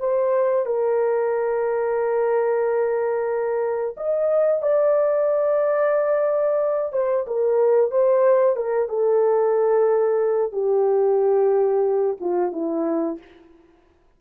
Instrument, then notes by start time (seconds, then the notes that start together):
horn
0.00 C5
0.66 A#4
3.97 D#5
4.62 D5
6.93 C5
7.27 A#4
7.91 C5
8.56 A#4
8.89 A4
10.52 G4
12.20 F4
12.52 E4